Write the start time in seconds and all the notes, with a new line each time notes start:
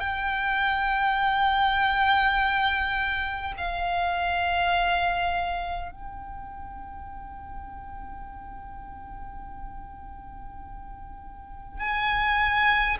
0.00 G5
3.58 F5
5.91 G5
11.80 G#5